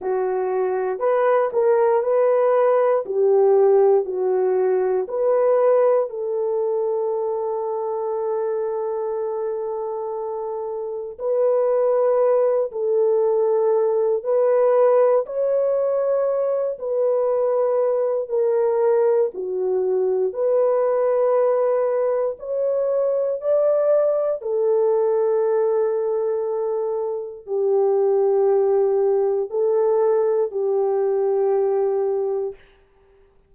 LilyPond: \new Staff \with { instrumentName = "horn" } { \time 4/4 \tempo 4 = 59 fis'4 b'8 ais'8 b'4 g'4 | fis'4 b'4 a'2~ | a'2. b'4~ | b'8 a'4. b'4 cis''4~ |
cis''8 b'4. ais'4 fis'4 | b'2 cis''4 d''4 | a'2. g'4~ | g'4 a'4 g'2 | }